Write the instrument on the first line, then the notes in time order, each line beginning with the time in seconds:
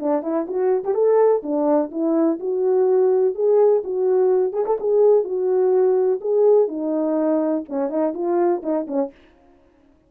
horn
0.00 D4
0.23 E4
0.48 F#4
0.84 G4
0.95 A4
1.43 D4
1.91 E4
2.40 F#4
3.35 G#4
3.84 F#4
4.53 G#4
4.66 A4
4.80 G#4
5.24 F#4
6.21 G#4
6.68 D#4
7.69 C#4
7.90 D#4
8.14 F4
8.63 D#4
8.87 C#4